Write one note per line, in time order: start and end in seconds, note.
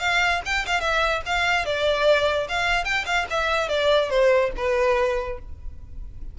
0.00 0.41 F5
0.46 0.66 G5
0.67 0.81 F5
0.81 1.22 E5
1.26 1.66 F5
1.66 2.48 D5
2.49 2.85 F5
2.85 3.05 G5
3.06 3.27 F5
3.31 3.69 E5
3.69 4.10 D5
4.10 4.51 C5
4.57 5.39 B4